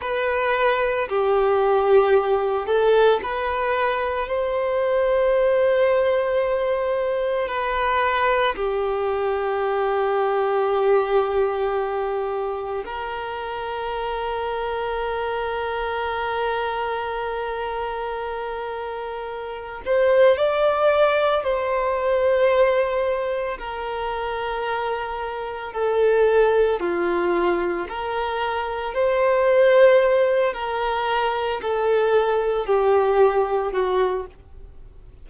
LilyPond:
\new Staff \with { instrumentName = "violin" } { \time 4/4 \tempo 4 = 56 b'4 g'4. a'8 b'4 | c''2. b'4 | g'1 | ais'1~ |
ais'2~ ais'8 c''8 d''4 | c''2 ais'2 | a'4 f'4 ais'4 c''4~ | c''8 ais'4 a'4 g'4 fis'8 | }